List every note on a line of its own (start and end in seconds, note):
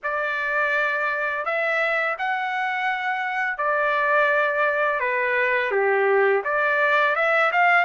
0.03 1.44 D5
1.44 2.16 E5
2.18 3.57 F#5
3.57 4.99 D5
4.99 5.71 B4
5.71 6.42 G4
6.44 7.15 D5
7.15 7.51 E5
7.52 7.84 F5